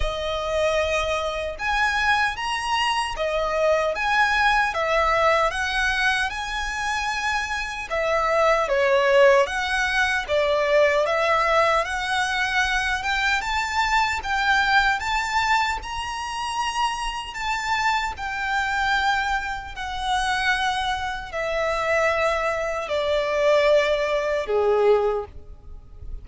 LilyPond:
\new Staff \with { instrumentName = "violin" } { \time 4/4 \tempo 4 = 76 dis''2 gis''4 ais''4 | dis''4 gis''4 e''4 fis''4 | gis''2 e''4 cis''4 | fis''4 d''4 e''4 fis''4~ |
fis''8 g''8 a''4 g''4 a''4 | ais''2 a''4 g''4~ | g''4 fis''2 e''4~ | e''4 d''2 gis'4 | }